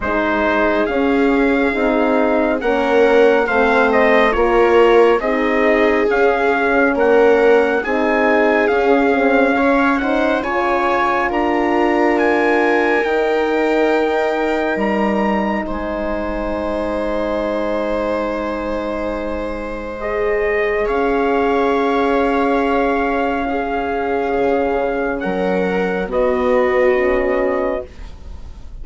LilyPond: <<
  \new Staff \with { instrumentName = "trumpet" } { \time 4/4 \tempo 4 = 69 c''4 f''2 fis''4 | f''8 dis''8 cis''4 dis''4 f''4 | fis''4 gis''4 f''4. fis''8 | gis''4 ais''4 gis''4 g''4~ |
g''4 ais''4 gis''2~ | gis''2. dis''4 | f''1~ | f''4 fis''4 dis''2 | }
  \new Staff \with { instrumentName = "viola" } { \time 4/4 gis'2. ais'4 | c''4 ais'4 gis'2 | ais'4 gis'2 cis''8 c''8 | cis''4 ais'2.~ |
ais'2 c''2~ | c''1 | cis''2. gis'4~ | gis'4 ais'4 fis'2 | }
  \new Staff \with { instrumentName = "horn" } { \time 4/4 dis'4 cis'4 dis'4 cis'4 | c'4 f'4 dis'4 cis'4~ | cis'4 dis'4 cis'8 c'8 cis'8 dis'8 | f'2. dis'4~ |
dis'1~ | dis'2. gis'4~ | gis'2. cis'4~ | cis'2 b4 cis'4 | }
  \new Staff \with { instrumentName = "bassoon" } { \time 4/4 gis4 cis'4 c'4 ais4 | a4 ais4 c'4 cis'4 | ais4 c'4 cis'2 | cis4 d'2 dis'4~ |
dis'4 g4 gis2~ | gis1 | cis'1 | cis4 fis4 b2 | }
>>